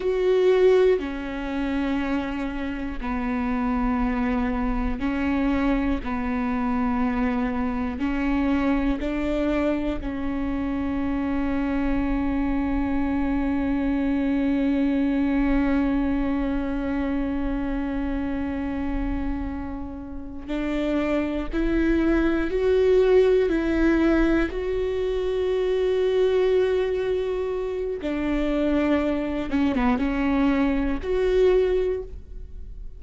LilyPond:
\new Staff \with { instrumentName = "viola" } { \time 4/4 \tempo 4 = 60 fis'4 cis'2 b4~ | b4 cis'4 b2 | cis'4 d'4 cis'2~ | cis'1~ |
cis'1~ | cis'8 d'4 e'4 fis'4 e'8~ | e'8 fis'2.~ fis'8 | d'4. cis'16 b16 cis'4 fis'4 | }